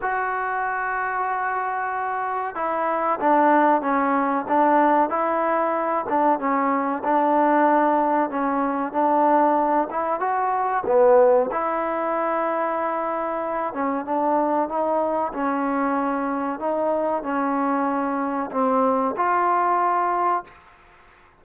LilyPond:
\new Staff \with { instrumentName = "trombone" } { \time 4/4 \tempo 4 = 94 fis'1 | e'4 d'4 cis'4 d'4 | e'4. d'8 cis'4 d'4~ | d'4 cis'4 d'4. e'8 |
fis'4 b4 e'2~ | e'4. cis'8 d'4 dis'4 | cis'2 dis'4 cis'4~ | cis'4 c'4 f'2 | }